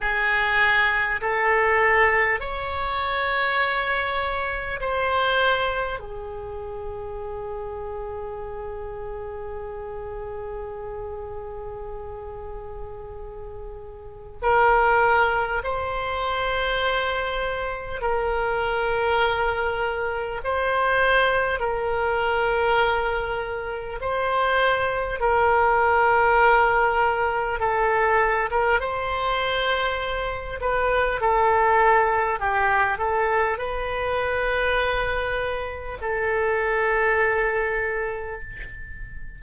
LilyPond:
\new Staff \with { instrumentName = "oboe" } { \time 4/4 \tempo 4 = 50 gis'4 a'4 cis''2 | c''4 gis'2.~ | gis'1 | ais'4 c''2 ais'4~ |
ais'4 c''4 ais'2 | c''4 ais'2 a'8. ais'16 | c''4. b'8 a'4 g'8 a'8 | b'2 a'2 | }